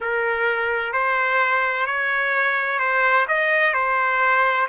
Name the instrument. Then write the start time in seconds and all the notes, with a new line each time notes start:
trumpet
0.00 A#4
0.92 C5
1.86 C#5
2.79 C5
3.28 D#5
3.73 C5